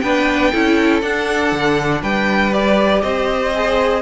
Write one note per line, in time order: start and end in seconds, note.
0.00 0.52 B3
0.00 0.53 D4
0.00 0.51 B4
0.00 1.00 G5
0.51 1.02 C#4
0.51 1.01 E4
0.51 2.01 A4
1.01 2.51 D4
1.01 1.52 D4
1.01 2.02 F#5
1.52 2.02 D3
2.02 3.02 G3
2.02 3.02 B4
2.02 2.53 G5
2.53 3.54 G4
2.53 3.02 D5
3.02 4.01 C4
3.02 4.01 C5
3.02 4.01 D#5
3.54 4.01 G#4